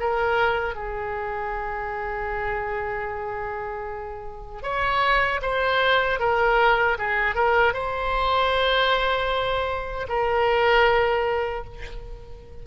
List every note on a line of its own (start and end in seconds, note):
0.00 0.75 A#4
0.75 4.63 G#4
4.63 5.40 C#5
5.42 6.19 C5
6.19 6.97 A#4
6.98 7.35 G#4
7.35 7.73 A#4
7.73 10.07 C5
10.08 11.64 A#4